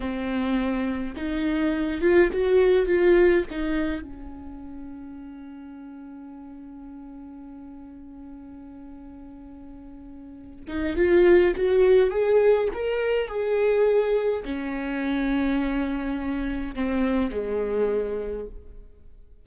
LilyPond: \new Staff \with { instrumentName = "viola" } { \time 4/4 \tempo 4 = 104 c'2 dis'4. f'8 | fis'4 f'4 dis'4 cis'4~ | cis'1~ | cis'1~ |
cis'2~ cis'8 dis'8 f'4 | fis'4 gis'4 ais'4 gis'4~ | gis'4 cis'2.~ | cis'4 c'4 gis2 | }